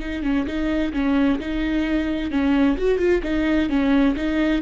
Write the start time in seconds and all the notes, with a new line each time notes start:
0.00 D#4
0.23 C#4
0.47 D#4
0.93 C#4
1.40 D#4
2.31 C#4
2.77 F#4
2.98 F4
3.23 D#4
3.69 C#4
4.16 D#4